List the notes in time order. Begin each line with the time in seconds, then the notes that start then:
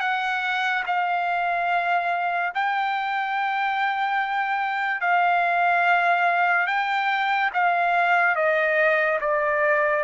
0.00 F#5
0.86 F5
2.54 G5
5.00 F5
6.67 G5
7.53 F5
8.35 D#5
9.20 D5